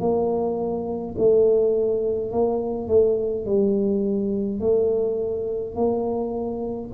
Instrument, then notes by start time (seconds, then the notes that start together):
tuba
0.00 A#3
1.18 A3
2.32 A#3
2.88 A3
3.46 G3
4.60 A3
5.75 A#3